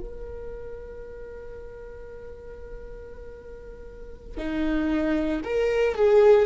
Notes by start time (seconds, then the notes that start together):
0.00 A#4
4.37 D#4
5.44 A#4
5.95 G#4